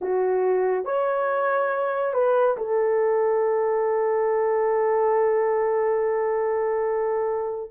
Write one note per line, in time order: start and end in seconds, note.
0.01 0.85 F#4
0.85 2.13 C#5
2.14 2.56 B4
2.57 7.71 A4